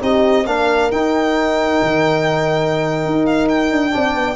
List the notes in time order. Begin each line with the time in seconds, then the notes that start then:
0.00 C4 D#4 G4 D#5
0.46 A#3 D4 A#4 F5
0.91 D#4 G5
1.82 D#3
3.05 D#4
3.26 F5
3.49 G5
3.71 D4
3.91 C4 D4 D5
4.14 B3